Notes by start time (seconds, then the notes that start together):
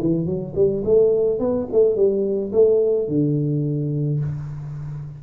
0.00 E3
0.26 F#3
0.55 G3
0.85 A3
1.39 B3
1.72 A3
1.96 G3
2.52 A3
3.08 D3